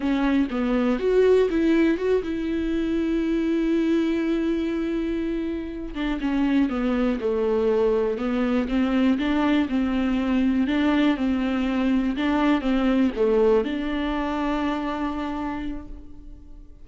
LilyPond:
\new Staff \with { instrumentName = "viola" } { \time 4/4 \tempo 4 = 121 cis'4 b4 fis'4 e'4 | fis'8 e'2.~ e'8~ | e'1 | d'8 cis'4 b4 a4.~ |
a8 b4 c'4 d'4 c'8~ | c'4. d'4 c'4.~ | c'8 d'4 c'4 a4 d'8~ | d'1 | }